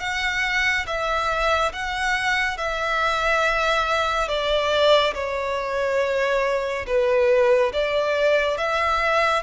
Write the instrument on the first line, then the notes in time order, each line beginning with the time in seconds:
violin
0.00 F#5
0.86 E5
1.73 F#5
2.58 E5
4.28 D5
5.14 C#5
6.86 B4
7.73 D5
8.57 E5